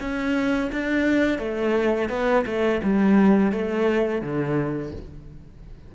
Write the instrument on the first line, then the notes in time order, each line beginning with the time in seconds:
cello
0.00 C#4
0.72 D4
1.38 A3
2.09 B3
2.46 A3
2.83 G3
3.52 A3
4.21 D3